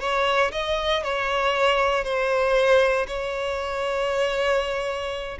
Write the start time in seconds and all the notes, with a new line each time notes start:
0.00 C#5
0.52 D#5
1.03 C#5
2.04 C5
3.07 C#5